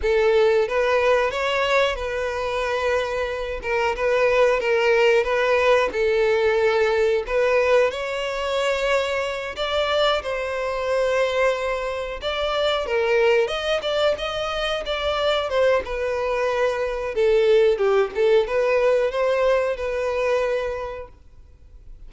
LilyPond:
\new Staff \with { instrumentName = "violin" } { \time 4/4 \tempo 4 = 91 a'4 b'4 cis''4 b'4~ | b'4. ais'8 b'4 ais'4 | b'4 a'2 b'4 | cis''2~ cis''8 d''4 c''8~ |
c''2~ c''8 d''4 ais'8~ | ais'8 dis''8 d''8 dis''4 d''4 c''8 | b'2 a'4 g'8 a'8 | b'4 c''4 b'2 | }